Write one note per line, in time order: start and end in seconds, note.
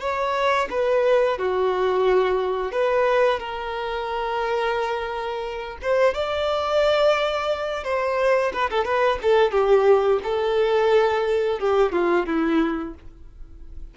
0.00 0.68 C#5
0.70 1.38 B4
1.38 2.72 F#4
2.72 3.39 B4
3.39 5.78 A#4
5.82 6.14 C5
6.14 7.84 D5
7.84 8.52 C5
8.53 8.70 B4
8.70 8.85 A4
8.85 9.19 B4
9.22 9.51 A4
9.51 10.20 G4
10.23 11.59 A4
11.59 11.92 G4
11.92 12.26 F4
12.26 12.94 E4